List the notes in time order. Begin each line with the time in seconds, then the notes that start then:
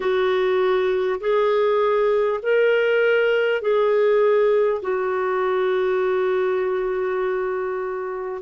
0.00 F#4
1.20 G#4
2.42 A#4
3.61 G#4
4.82 F#4